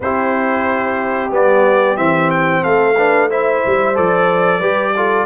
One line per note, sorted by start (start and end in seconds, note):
0.00 1.31 C4
0.00 1.30 E4
0.00 2.62 G4
0.00 1.33 C5
1.30 1.97 G3
1.30 1.96 B3
1.30 1.97 D5
1.96 2.63 E3
1.96 2.95 C4
1.96 2.30 E5
2.30 2.63 G5
2.62 3.64 A3
2.62 2.95 A4
2.62 3.29 F5
2.97 3.30 D4
2.97 3.29 B4
3.29 3.95 E4
3.29 4.59 C5
3.29 3.96 E5
3.66 3.98 G3
3.95 4.59 F3
3.95 4.60 A4
3.95 5.25 D5
4.59 5.25 G3
4.59 4.95 G4
4.59 4.92 B4
4.95 5.25 F4
4.95 5.25 A4